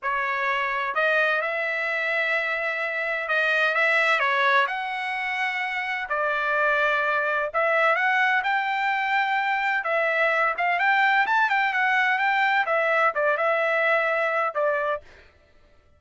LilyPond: \new Staff \with { instrumentName = "trumpet" } { \time 4/4 \tempo 4 = 128 cis''2 dis''4 e''4~ | e''2. dis''4 | e''4 cis''4 fis''2~ | fis''4 d''2. |
e''4 fis''4 g''2~ | g''4 e''4. f''8 g''4 | a''8 g''8 fis''4 g''4 e''4 | d''8 e''2~ e''8 d''4 | }